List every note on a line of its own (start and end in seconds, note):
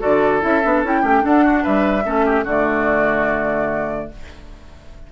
0.00 0.44 D3
0.00 0.41 F#4
0.00 1.02 A4
0.00 0.43 D5
0.41 0.64 C#4
0.41 0.61 E4
0.41 0.85 E5
0.64 0.84 B3
0.64 0.84 D4
0.84 1.03 C#4
0.84 1.04 E4
0.84 1.27 G5
1.02 1.24 A3
1.02 1.21 C#4
1.02 1.22 G4
1.21 2.03 D4
1.21 1.65 D4
1.21 1.45 A4
1.27 1.65 F#5
1.45 1.63 F#4
1.63 2.06 G3
1.63 2.04 B4
1.63 2.47 E5
2.05 2.44 A3
2.05 2.46 C#4
2.05 2.26 A4
2.26 2.45 G4
2.44 4.08 D3
2.44 4.12 A3
2.44 4.08 F#4
2.44 4.12 D5